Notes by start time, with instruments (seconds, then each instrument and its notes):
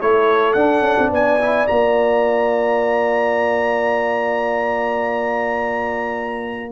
0.00 tuba A3, trombone E4, horn A4, trumpet C#5
0.53 tuba D4, trombone D4, trumpet F#5
0.81 tuba C#4
0.98 tuba C4
1.10 tuba B3, horn D5, trumpet G#5
1.40 trombone E4
1.67 tuba A#3, trombone F4, trumpet A#5